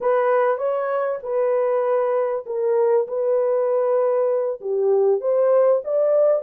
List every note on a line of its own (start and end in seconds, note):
0.00 0.57 B4
0.57 1.19 C#5
1.22 2.45 B4
2.46 3.07 A#4
3.07 4.60 B4
4.60 5.20 G4
5.20 5.82 C5
5.84 6.42 D5